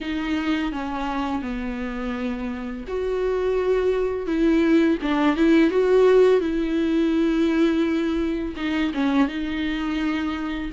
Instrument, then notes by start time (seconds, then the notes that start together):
viola
0.01 D#4
0.71 C#4
1.42 B3
2.87 F#4
4.26 E4
5.02 D4
5.36 E4
5.70 F#4
6.40 E4
8.56 D#4
8.94 C#4
9.28 D#4